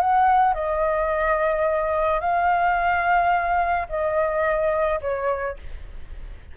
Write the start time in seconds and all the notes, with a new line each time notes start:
0.00 F#5
0.54 D#5
2.20 F5
3.89 D#5
5.01 C#5